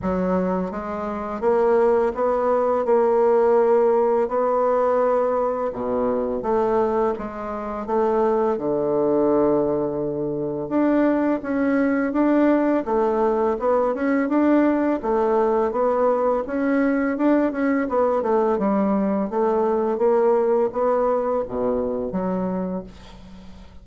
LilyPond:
\new Staff \with { instrumentName = "bassoon" } { \time 4/4 \tempo 4 = 84 fis4 gis4 ais4 b4 | ais2 b2 | b,4 a4 gis4 a4 | d2. d'4 |
cis'4 d'4 a4 b8 cis'8 | d'4 a4 b4 cis'4 | d'8 cis'8 b8 a8 g4 a4 | ais4 b4 b,4 fis4 | }